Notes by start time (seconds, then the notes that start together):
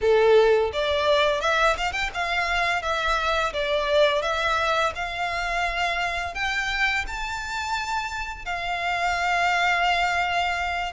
0.01 A4
0.72 D5
1.41 E5
1.76 F5
1.92 G5
2.14 F5
2.82 E5
3.53 D5
4.22 E5
4.95 F5
6.34 G5
7.07 A5
8.45 F5